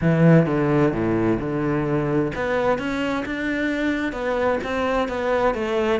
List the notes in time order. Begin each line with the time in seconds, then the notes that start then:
0.01 E3
0.46 D3
0.92 A2
1.39 D3
2.35 B3
2.78 C#4
3.25 D4
4.12 B3
4.63 C4
5.08 B3
5.54 A3